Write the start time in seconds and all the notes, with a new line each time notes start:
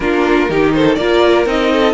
0.00 A#3 D4 F4 A#4
0.49 D#3 D#4 G4
0.73 A4 C5
0.95 A#3 F4 A#4 D5
1.46 C4 D#4 D#5
1.72 A4